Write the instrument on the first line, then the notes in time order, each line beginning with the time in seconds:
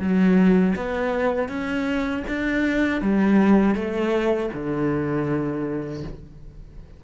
cello
0.00 F#3
0.76 B3
1.48 C#4
2.28 D4
3.01 G3
3.75 A3
4.53 D3